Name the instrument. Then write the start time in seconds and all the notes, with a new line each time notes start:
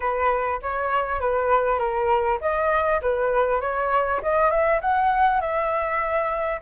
flute
0.00 B4
0.61 C#5
1.20 B4
1.78 A#4
2.41 D#5
3.01 B4
3.60 C#5
4.22 D#5
4.50 E5
4.81 F#5
5.40 E5